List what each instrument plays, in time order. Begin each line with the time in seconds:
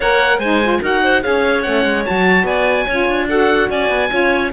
0.00 cello A#3, saxophone A#4, clarinet C#5, oboe F#5
0.38 cello G#3, saxophone D#4, clarinet C5, oboe G#5
0.63 saxophone F4
0.81 cello D#4, saxophone F#4, clarinet A#4, oboe F#5
1.03 clarinet C5
1.22 cello C#4, saxophone G#4, clarinet C#5, oboe F5
1.62 cello A3, saxophone C#4, oboe F#5
1.84 cello G#3
2.05 cello F#3, saxophone F#4, oboe A5
2.43 cello B3, clarinet D5, oboe G#5
2.86 cello C#4, saxophone F4, clarinet C#5
3.07 cello D4
3.28 saxophone F#4, clarinet A4, oboe F#5
3.69 cello C#4, clarinet D5, oboe G#5
3.89 cello B3
4.09 cello C#4, saxophone F4, clarinet C#5